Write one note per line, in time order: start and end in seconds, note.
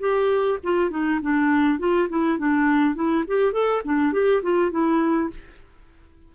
0.00 0.59 G4
0.63 0.90 F4
0.90 1.20 D#4
1.22 1.79 D4
1.79 2.08 F4
2.09 2.38 E4
2.38 2.95 D4
2.95 3.24 E4
3.28 3.52 G4
3.52 3.82 A4
3.85 4.13 D4
4.13 4.42 G4
4.43 4.71 F4
4.71 5.30 E4